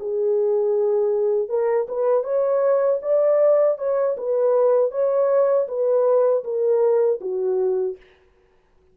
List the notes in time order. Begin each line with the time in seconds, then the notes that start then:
0.00 G#4
1.49 A#4
1.89 B4
2.24 C#5
3.02 D5
3.78 C#5
4.17 B4
4.91 C#5
5.68 B4
6.45 A#4
7.21 F#4